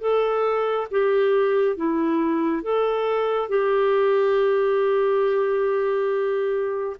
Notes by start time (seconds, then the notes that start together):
0.00 A4
0.91 G4
1.76 E4
2.62 A4
3.49 G4